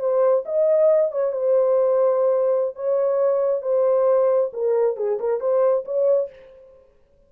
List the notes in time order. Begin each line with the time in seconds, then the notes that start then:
0.00 C5
0.46 D#5
1.12 C#5
1.32 C5
2.76 C#5
3.62 C5
4.53 A#4
4.97 G#4
5.20 A#4
5.40 C5
5.85 C#5